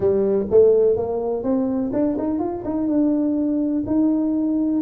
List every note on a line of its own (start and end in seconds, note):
0.00 0.45 G3
0.50 0.96 A3
0.96 1.43 A#3
1.43 1.91 C4
1.92 2.16 D4
2.18 2.39 D#4
2.39 2.63 F4
2.64 2.87 D#4
2.87 3.83 D4
3.86 4.81 D#4